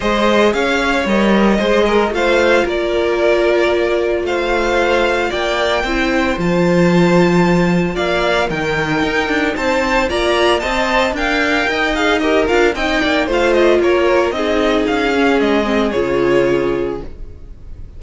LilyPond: <<
  \new Staff \with { instrumentName = "violin" } { \time 4/4 \tempo 4 = 113 dis''4 f''4 dis''2 | f''4 d''2. | f''2 g''2 | a''2. f''4 |
g''2 a''4 ais''4 | a''4 g''4. f''8 dis''8 f''8 | g''4 f''8 dis''8 cis''4 dis''4 | f''4 dis''4 cis''2 | }
  \new Staff \with { instrumentName = "violin" } { \time 4/4 c''4 cis''2 c''8 ais'8 | c''4 ais'2. | c''2 d''4 c''4~ | c''2. d''4 |
ais'2 c''4 d''4 | dis''4 f''4 dis''4 ais'4 | dis''8 d''8 c''4 ais'4 gis'4~ | gis'1 | }
  \new Staff \with { instrumentName = "viola" } { \time 4/4 gis'2 ais'4 gis'4 | f'1~ | f'2. e'4 | f'1 |
dis'2. f'4 | c''4 ais'4. gis'8 g'8 f'8 | dis'4 f'2 dis'4~ | dis'8 cis'4 c'8 f'2 | }
  \new Staff \with { instrumentName = "cello" } { \time 4/4 gis4 cis'4 g4 gis4 | a4 ais2. | a2 ais4 c'4 | f2. ais4 |
dis4 dis'8 d'8 c'4 ais4 | c'4 d'4 dis'4. d'8 | c'8 ais8 a4 ais4 c'4 | cis'4 gis4 cis2 | }
>>